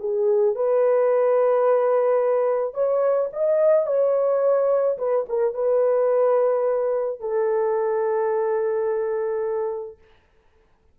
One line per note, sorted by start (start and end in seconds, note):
0.00 0.55 G#4
0.56 2.74 B4
2.74 3.30 C#5
3.33 3.87 D#5
3.87 4.98 C#5
4.98 5.26 B4
5.29 5.54 A#4
5.54 7.20 B4
7.20 9.98 A4